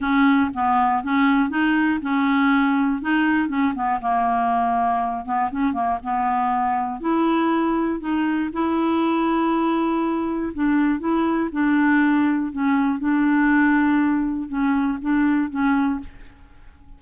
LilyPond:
\new Staff \with { instrumentName = "clarinet" } { \time 4/4 \tempo 4 = 120 cis'4 b4 cis'4 dis'4 | cis'2 dis'4 cis'8 b8 | ais2~ ais8 b8 cis'8 ais8 | b2 e'2 |
dis'4 e'2.~ | e'4 d'4 e'4 d'4~ | d'4 cis'4 d'2~ | d'4 cis'4 d'4 cis'4 | }